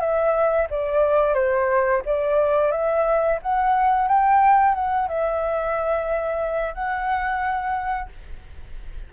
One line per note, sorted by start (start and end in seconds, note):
0.00 0.67 E5
0.70 1.34 D5
1.34 2.02 C5
2.05 2.71 D5
2.71 3.39 E5
3.42 4.08 F#5
4.08 4.74 G5
4.74 5.08 F#5
5.08 6.74 E5
6.74 8.09 F#5